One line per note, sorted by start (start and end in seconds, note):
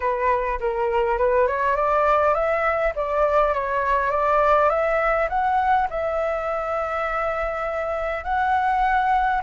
0.00 0.59 B4
0.60 1.17 A#4
1.17 1.47 B4
1.47 1.75 C#5
1.75 2.34 D5
2.34 2.93 E5
2.95 3.53 D5
3.53 4.10 C#5
4.10 4.69 D5
4.69 5.28 E5
5.29 5.87 F#5
5.90 8.24 E5
8.24 9.41 F#5